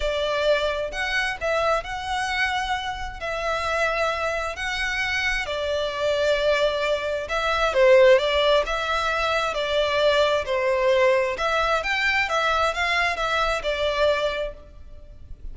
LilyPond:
\new Staff \with { instrumentName = "violin" } { \time 4/4 \tempo 4 = 132 d''2 fis''4 e''4 | fis''2. e''4~ | e''2 fis''2 | d''1 |
e''4 c''4 d''4 e''4~ | e''4 d''2 c''4~ | c''4 e''4 g''4 e''4 | f''4 e''4 d''2 | }